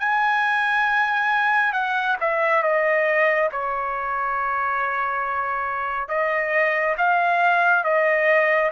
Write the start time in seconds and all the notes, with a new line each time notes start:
0.00 G#5
1.74 F#5
2.21 E5
2.63 D#5
3.53 C#5
6.09 D#5
6.98 F5
7.85 D#5